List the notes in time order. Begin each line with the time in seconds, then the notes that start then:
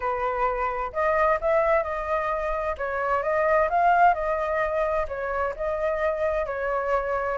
0.00 B4
0.93 D#5
1.41 E5
1.83 D#5
2.77 C#5
3.22 D#5
3.69 F5
4.13 D#5
5.07 C#5
5.56 D#5
6.46 C#5